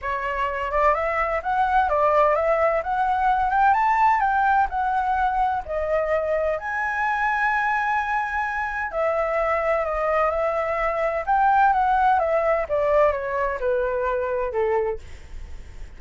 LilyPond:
\new Staff \with { instrumentName = "flute" } { \time 4/4 \tempo 4 = 128 cis''4. d''8 e''4 fis''4 | d''4 e''4 fis''4. g''8 | a''4 g''4 fis''2 | dis''2 gis''2~ |
gis''2. e''4~ | e''4 dis''4 e''2 | g''4 fis''4 e''4 d''4 | cis''4 b'2 a'4 | }